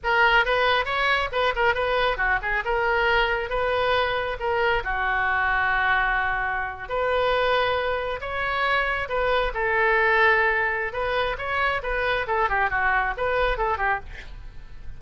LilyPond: \new Staff \with { instrumentName = "oboe" } { \time 4/4 \tempo 4 = 137 ais'4 b'4 cis''4 b'8 ais'8 | b'4 fis'8 gis'8 ais'2 | b'2 ais'4 fis'4~ | fis'2.~ fis'8. b'16~ |
b'2~ b'8. cis''4~ cis''16~ | cis''8. b'4 a'2~ a'16~ | a'4 b'4 cis''4 b'4 | a'8 g'8 fis'4 b'4 a'8 g'8 | }